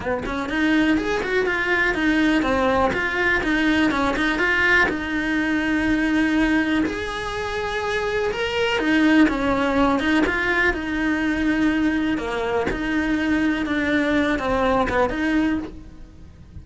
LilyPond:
\new Staff \with { instrumentName = "cello" } { \time 4/4 \tempo 4 = 123 b8 cis'8 dis'4 gis'8 fis'8 f'4 | dis'4 c'4 f'4 dis'4 | cis'8 dis'8 f'4 dis'2~ | dis'2 gis'2~ |
gis'4 ais'4 dis'4 cis'4~ | cis'8 dis'8 f'4 dis'2~ | dis'4 ais4 dis'2 | d'4. c'4 b8 dis'4 | }